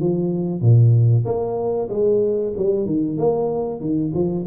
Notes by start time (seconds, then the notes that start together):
0.00 F3
0.61 A#2
1.25 A#3
1.89 G#3
2.57 G3
2.85 D#3
3.17 A#3
3.80 D#3
4.14 F3